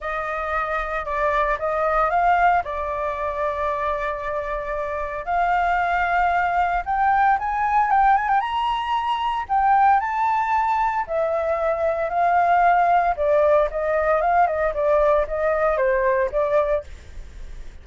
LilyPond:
\new Staff \with { instrumentName = "flute" } { \time 4/4 \tempo 4 = 114 dis''2 d''4 dis''4 | f''4 d''2.~ | d''2 f''2~ | f''4 g''4 gis''4 g''8 gis''16 g''16 |
ais''2 g''4 a''4~ | a''4 e''2 f''4~ | f''4 d''4 dis''4 f''8 dis''8 | d''4 dis''4 c''4 d''4 | }